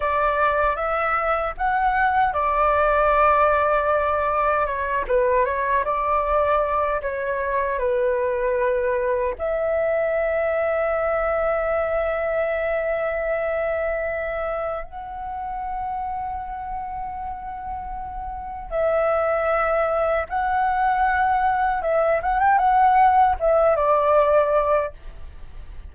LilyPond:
\new Staff \with { instrumentName = "flute" } { \time 4/4 \tempo 4 = 77 d''4 e''4 fis''4 d''4~ | d''2 cis''8 b'8 cis''8 d''8~ | d''4 cis''4 b'2 | e''1~ |
e''2. fis''4~ | fis''1 | e''2 fis''2 | e''8 fis''16 g''16 fis''4 e''8 d''4. | }